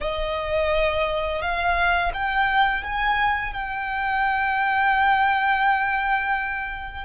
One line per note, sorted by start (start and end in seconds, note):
0.01 1.41 D#5
1.41 2.12 F5
2.13 2.83 G5
2.83 3.53 G#5
3.53 7.04 G5